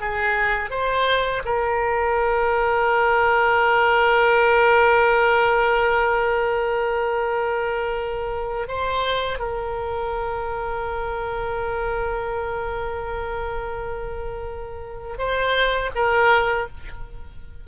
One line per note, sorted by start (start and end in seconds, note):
0.00 0.70 G#4
0.70 1.42 C5
1.45 8.67 A#4
8.67 9.39 C5
9.39 15.17 A#4
15.18 15.90 C5
15.95 16.67 A#4